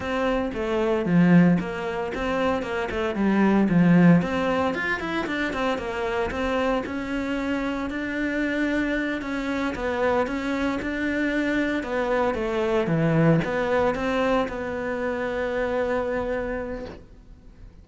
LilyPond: \new Staff \with { instrumentName = "cello" } { \time 4/4 \tempo 4 = 114 c'4 a4 f4 ais4 | c'4 ais8 a8 g4 f4 | c'4 f'8 e'8 d'8 c'8 ais4 | c'4 cis'2 d'4~ |
d'4. cis'4 b4 cis'8~ | cis'8 d'2 b4 a8~ | a8 e4 b4 c'4 b8~ | b1 | }